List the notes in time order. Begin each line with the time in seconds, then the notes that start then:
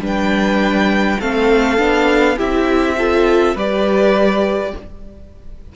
0.00 G3 D4 B4
0.07 G5
1.20 A3 C4 A4 F5
1.78 B3 D4
2.37 C4 E4 G4 E5
2.98 F4 A4
3.55 G3 G4 B4 D5